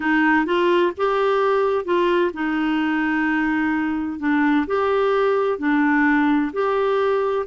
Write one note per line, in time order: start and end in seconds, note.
0.00 0.45 D#4
0.45 0.92 F4
0.97 1.84 G4
1.84 2.31 F4
2.33 4.19 D#4
4.19 4.66 D4
4.67 5.58 G4
5.58 6.51 D4
6.52 7.45 G4